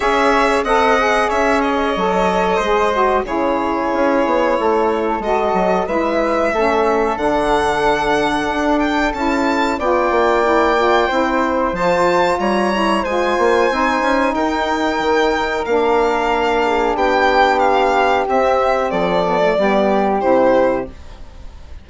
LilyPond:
<<
  \new Staff \with { instrumentName = "violin" } { \time 4/4 \tempo 4 = 92 e''4 fis''4 e''8 dis''4.~ | dis''4 cis''2. | dis''4 e''2 fis''4~ | fis''4. g''8 a''4 g''4~ |
g''2 a''4 ais''4 | gis''2 g''2 | f''2 g''4 f''4 | e''4 d''2 c''4 | }
  \new Staff \with { instrumentName = "flute" } { \time 4/4 cis''4 dis''4 cis''2 | c''4 gis'2 a'4~ | a'4 b'4 a'2~ | a'2. d''4~ |
d''4 c''2 cis''4 | c''2 ais'2~ | ais'4. gis'8 g'2~ | g'4 a'4 g'2 | }
  \new Staff \with { instrumentName = "saxophone" } { \time 4/4 gis'4 a'8 gis'4. a'4 | gis'8 fis'8 e'2. | fis'4 e'4 cis'4 d'4~ | d'2 e'4 f'4 |
e'8 f'8 e'4 f'4. e'8 | f'4 dis'2. | d'1 | c'4. b16 a16 b4 e'4 | }
  \new Staff \with { instrumentName = "bassoon" } { \time 4/4 cis'4 c'4 cis'4 fis4 | gis4 cis4 cis'8 b8 a4 | gis8 fis8 gis4 a4 d4~ | d4 d'4 cis'4 b8 ais8~ |
ais4 c'4 f4 g4 | gis8 ais8 c'8 cis'8 dis'4 dis4 | ais2 b2 | c'4 f4 g4 c4 | }
>>